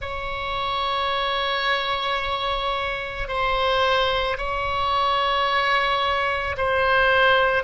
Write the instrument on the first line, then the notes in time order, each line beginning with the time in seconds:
oboe
0.00 C#5
3.27 C5
4.37 C#5
6.57 C5